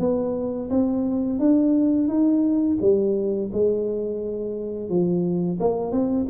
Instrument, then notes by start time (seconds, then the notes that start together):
tuba
0.00 B3
0.71 C4
1.40 D4
2.08 D#4
2.82 G3
3.53 G#3
4.90 F3
5.60 A#3
5.92 C4